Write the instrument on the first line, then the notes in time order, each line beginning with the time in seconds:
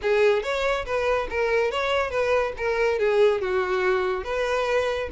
violin
0.02 G#4
0.42 C#5
0.85 B4
1.30 A#4
1.71 C#5
2.10 B4
2.57 A#4
2.98 G#4
3.41 F#4
4.24 B4